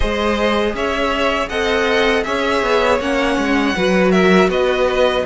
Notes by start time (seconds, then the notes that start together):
0.00 G#3 G#4 C5 D#5
0.74 C#4 C#5 E5
1.48 C4 A4 D#5 F#5
2.23 C#4 G#4 C#5 E5
2.62 B3
2.99 A#3 C#4 F#5
3.37 G#3
3.75 F#3 F#4 B4
4.11 A#4 E5
4.48 B3 B4 D#5